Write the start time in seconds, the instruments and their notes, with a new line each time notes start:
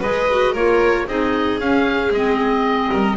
0.00 double bass G#3, clarinet G#4, violin B4, oboe D#5
0.30 clarinet F#4
0.53 double bass A#3, clarinet F4, violin A#4, oboe C#5
1.07 double bass C4, clarinet D#4, violin G#4, oboe D#5
1.60 double bass C#4, clarinet C#4, oboe F5
2.11 double bass G#3, clarinet C4, oboe D#5
2.90 double bass G3, violin A#4